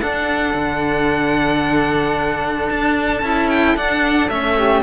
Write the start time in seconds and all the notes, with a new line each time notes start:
0.00 D4 A4 F#5
0.54 D3
2.69 D4 A5
3.21 C#4 E4
3.49 G5
3.75 D4 F#5
4.28 A3 C#4 E5
4.57 G4